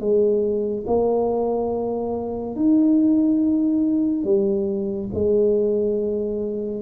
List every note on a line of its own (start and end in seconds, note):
0.00 0.85 G#3
0.87 2.56 A#3
2.56 4.24 D#4
4.24 5.09 G3
5.14 6.82 G#3